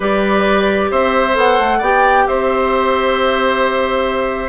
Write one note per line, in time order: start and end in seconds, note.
0.00 0.90 G3
0.00 1.31 G4
0.00 0.90 B4
0.00 0.91 D5
0.90 1.36 C4
0.90 1.78 C5
0.90 1.36 E5
1.32 1.58 B3
1.32 1.77 A4
1.32 1.83 F#5
1.58 1.81 A3
1.78 2.26 B3
1.78 4.49 G4
1.78 2.23 D5
1.78 2.27 G5
2.26 4.49 C4
2.26 4.49 C5
2.26 4.49 E5